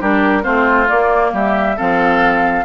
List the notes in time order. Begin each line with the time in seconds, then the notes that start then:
0.00 G3 D4 G4 A#4
0.42 A3 C4 F4 C5
0.88 A#3 D5
1.32 G3 G4 E5
1.76 F3 C4 A4 F5